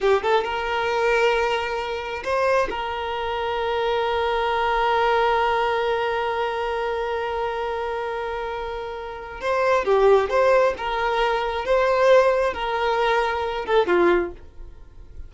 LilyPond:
\new Staff \with { instrumentName = "violin" } { \time 4/4 \tempo 4 = 134 g'8 a'8 ais'2.~ | ais'4 c''4 ais'2~ | ais'1~ | ais'1~ |
ais'1~ | ais'4 c''4 g'4 c''4 | ais'2 c''2 | ais'2~ ais'8 a'8 f'4 | }